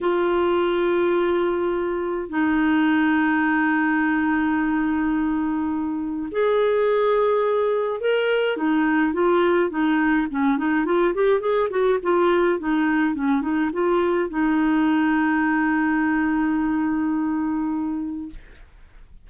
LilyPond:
\new Staff \with { instrumentName = "clarinet" } { \time 4/4 \tempo 4 = 105 f'1 | dis'1~ | dis'2. gis'4~ | gis'2 ais'4 dis'4 |
f'4 dis'4 cis'8 dis'8 f'8 g'8 | gis'8 fis'8 f'4 dis'4 cis'8 dis'8 | f'4 dis'2.~ | dis'1 | }